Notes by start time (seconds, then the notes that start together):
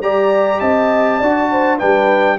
0.00 G3 G4 D5 A#5
0.60 C4 D#5 A5
1.19 D4 F#4 D5
1.51 C5
1.78 G3 D4 B4 G5